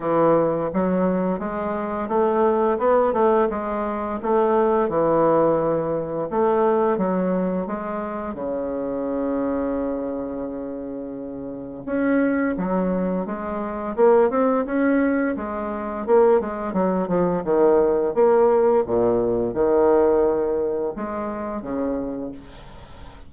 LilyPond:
\new Staff \with { instrumentName = "bassoon" } { \time 4/4 \tempo 4 = 86 e4 fis4 gis4 a4 | b8 a8 gis4 a4 e4~ | e4 a4 fis4 gis4 | cis1~ |
cis4 cis'4 fis4 gis4 | ais8 c'8 cis'4 gis4 ais8 gis8 | fis8 f8 dis4 ais4 ais,4 | dis2 gis4 cis4 | }